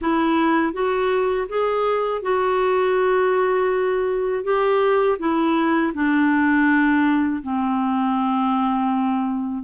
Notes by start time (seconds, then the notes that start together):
0.01 E4
0.73 F#4
1.48 G#4
2.22 F#4
4.44 G4
5.19 E4
5.94 D4
7.42 C4